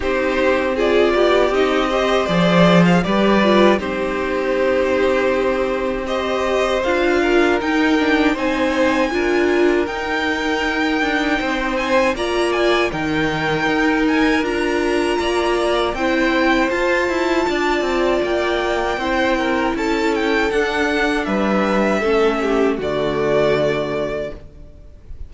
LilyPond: <<
  \new Staff \with { instrumentName = "violin" } { \time 4/4 \tempo 4 = 79 c''4 d''4 dis''4 d''8. f''16 | d''4 c''2. | dis''4 f''4 g''4 gis''4~ | gis''4 g''2~ g''8 gis''8 |
ais''8 gis''8 g''4. gis''8 ais''4~ | ais''4 g''4 a''2 | g''2 a''8 g''8 fis''4 | e''2 d''2 | }
  \new Staff \with { instrumentName = "violin" } { \time 4/4 g'4 gis'8 g'4 c''4. | b'4 g'2. | c''4. ais'4. c''4 | ais'2. c''4 |
d''4 ais'2. | d''4 c''2 d''4~ | d''4 c''8 ais'8 a'2 | b'4 a'8 g'8 fis'2 | }
  \new Staff \with { instrumentName = "viola" } { \time 4/4 dis'4 f'4 dis'8 g'8 gis'4 | g'8 f'8 dis'2. | g'4 f'4 dis'8 d'8 dis'4 | f'4 dis'2. |
f'4 dis'2 f'4~ | f'4 e'4 f'2~ | f'4 e'2 d'4~ | d'4 cis'4 a2 | }
  \new Staff \with { instrumentName = "cello" } { \time 4/4 c'4. b8 c'4 f4 | g4 c'2.~ | c'4 d'4 dis'4 c'4 | d'4 dis'4. d'8 c'4 |
ais4 dis4 dis'4 d'4 | ais4 c'4 f'8 e'8 d'8 c'8 | ais4 c'4 cis'4 d'4 | g4 a4 d2 | }
>>